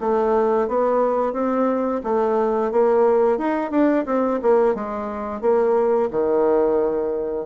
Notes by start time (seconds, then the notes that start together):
0.00 A3
0.68 B3
1.33 C4
2.03 A3
2.71 A#3
3.38 D#4
3.71 D4
4.06 C4
4.42 A#3
4.75 G#3
5.41 A#3
6.11 D#3